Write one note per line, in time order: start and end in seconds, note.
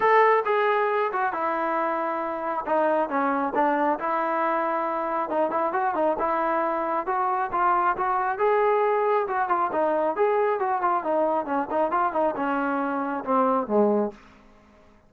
0.00 0.43 A4
0.45 1.11 G#4
1.12 1.32 F#4
1.32 2.65 E4
2.66 3.09 D#4
3.09 3.53 C#4
3.54 3.98 D4
3.99 5.29 E4
5.29 5.50 D#4
5.50 5.72 E4
5.72 5.94 F#4
5.94 6.16 D#4
6.18 7.06 E4
7.06 7.50 F#4
7.52 7.96 F4
7.97 8.38 F#4
8.38 9.26 G#4
9.27 9.48 F#4
9.48 9.70 F4
9.72 10.16 D#4
10.16 10.59 G#4
10.59 10.81 F#4
10.81 11.03 F4
11.03 11.45 D#4
11.45 11.67 C#4
11.70 11.91 D#4
11.91 12.12 F4
12.12 12.34 D#4
12.35 13.24 C#4
13.24 13.67 C4
13.67 14.11 G#3